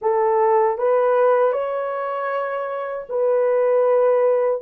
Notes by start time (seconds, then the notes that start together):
0.01 A4
0.78 B4
1.52 C#5
3.09 B4